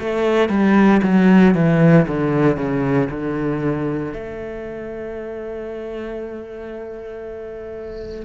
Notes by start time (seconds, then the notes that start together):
0.00 A3
0.49 G3
1.03 F#3
1.55 E3
2.08 D3
2.57 C#3
3.10 D3
4.14 A3